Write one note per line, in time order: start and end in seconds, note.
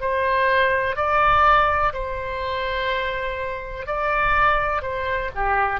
0.00 0.95 C5
0.95 1.92 D5
1.93 3.86 C5
3.86 4.81 D5
4.81 5.30 C5
5.34 5.80 G4